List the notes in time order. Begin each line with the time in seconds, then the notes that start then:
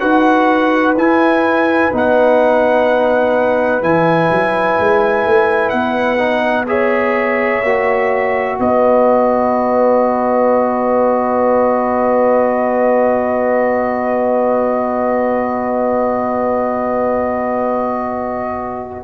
0.00 D#4 F#4 B4 F#5
0.96 E4 G#5
1.92 B3 D#4 F#5
3.82 E3 E4 G#5
4.31 F#3
4.80 G#3
5.26 A3
5.70 B3 F#5
6.18 D#4
6.68 G#4 C#5 E5
7.63 A#3 F#4
8.60 B3 B4 D#5